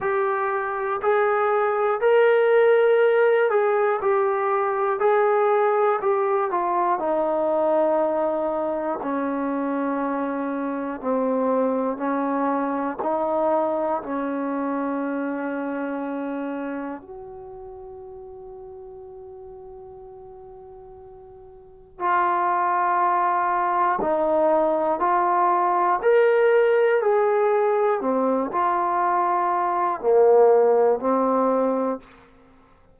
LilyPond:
\new Staff \with { instrumentName = "trombone" } { \time 4/4 \tempo 4 = 60 g'4 gis'4 ais'4. gis'8 | g'4 gis'4 g'8 f'8 dis'4~ | dis'4 cis'2 c'4 | cis'4 dis'4 cis'2~ |
cis'4 fis'2.~ | fis'2 f'2 | dis'4 f'4 ais'4 gis'4 | c'8 f'4. ais4 c'4 | }